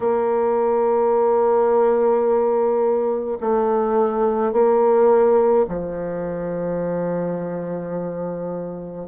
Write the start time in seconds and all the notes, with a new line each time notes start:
0.00 A#3
3.40 A3
4.52 A#3
5.68 F3